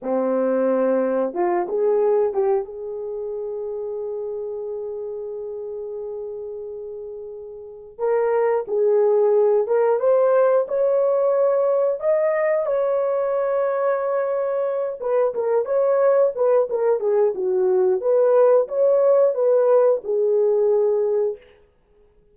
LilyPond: \new Staff \with { instrumentName = "horn" } { \time 4/4 \tempo 4 = 90 c'2 f'8 gis'4 g'8 | gis'1~ | gis'1 | ais'4 gis'4. ais'8 c''4 |
cis''2 dis''4 cis''4~ | cis''2~ cis''8 b'8 ais'8 cis''8~ | cis''8 b'8 ais'8 gis'8 fis'4 b'4 | cis''4 b'4 gis'2 | }